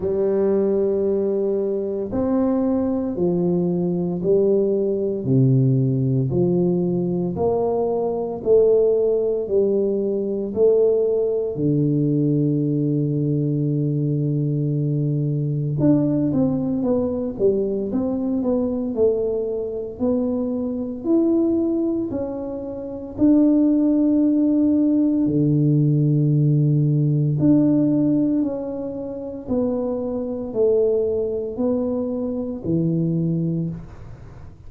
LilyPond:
\new Staff \with { instrumentName = "tuba" } { \time 4/4 \tempo 4 = 57 g2 c'4 f4 | g4 c4 f4 ais4 | a4 g4 a4 d4~ | d2. d'8 c'8 |
b8 g8 c'8 b8 a4 b4 | e'4 cis'4 d'2 | d2 d'4 cis'4 | b4 a4 b4 e4 | }